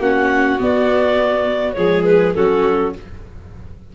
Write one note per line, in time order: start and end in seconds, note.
0.00 0.59 A#3
0.00 0.59 C#4
0.00 1.76 F#4
0.00 0.60 F#5
0.59 1.75 B3
0.59 1.77 B3
0.59 1.73 D5
1.73 2.36 F3
1.73 2.34 G#3
1.73 2.37 G#4
1.73 2.02 C#5
2.05 2.34 B4
2.34 2.95 F#3
2.34 2.95 C#4
2.34 2.95 F#4
2.34 2.93 A4